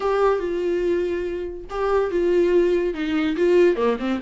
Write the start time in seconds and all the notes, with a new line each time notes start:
0.00 G4
0.39 F4
1.69 G4
2.10 F4
2.94 D#4
3.36 F4
3.76 A#3
3.99 C4